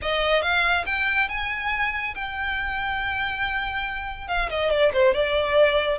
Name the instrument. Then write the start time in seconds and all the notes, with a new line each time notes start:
violin
0.02 D#5
0.42 F5
0.86 G5
1.28 G#5
2.14 G5
4.27 F5
4.49 D#5
4.70 D5
4.93 C5
5.14 D5